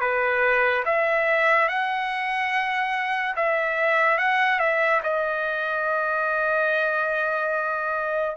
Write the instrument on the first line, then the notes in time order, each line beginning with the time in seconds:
trumpet
0.00 B4
0.85 E5
1.69 F#5
3.36 E5
4.18 F#5
4.59 E5
5.03 D#5